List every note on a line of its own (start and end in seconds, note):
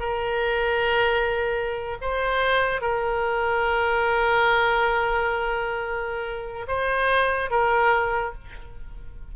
0.00 1.98 A#4
2.01 2.81 C5
2.81 6.67 A#4
6.68 7.51 C5
7.51 8.34 A#4